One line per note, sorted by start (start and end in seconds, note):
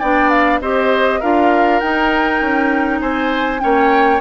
0.00 0.61 B3
0.00 0.62 D4
0.00 0.60 D5
0.00 0.30 G5
0.30 0.60 F5
0.61 1.21 C4
0.61 1.22 G4
0.61 1.20 C5
0.61 1.21 D#5
1.20 1.82 D4
1.20 1.82 F4
1.20 3.00 A#4
1.20 1.80 F5
1.80 2.41 D#4
1.80 3.59 D#4
1.80 3.00 G5
2.41 3.01 C#4
3.01 3.62 C4
3.01 3.61 C5
3.01 3.60 G#5
3.59 4.21 A#3
3.59 4.19 C#4
3.59 4.21 C#5
3.59 4.20 G5